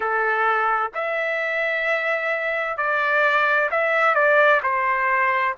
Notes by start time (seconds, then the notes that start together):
0.00 A4
0.94 E5
2.77 D5
3.70 E5
4.15 D5
4.62 C5